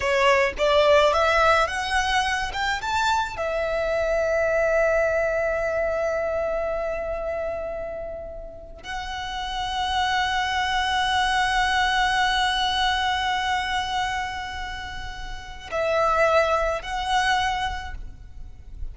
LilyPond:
\new Staff \with { instrumentName = "violin" } { \time 4/4 \tempo 4 = 107 cis''4 d''4 e''4 fis''4~ | fis''8 g''8 a''4 e''2~ | e''1~ | e''2.~ e''8. fis''16~ |
fis''1~ | fis''1~ | fis''1 | e''2 fis''2 | }